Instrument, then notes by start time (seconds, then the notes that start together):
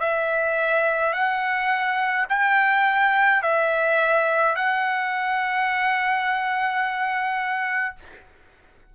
trumpet
0.00 E5
1.13 F#5
2.29 G5
3.42 E5
4.55 F#5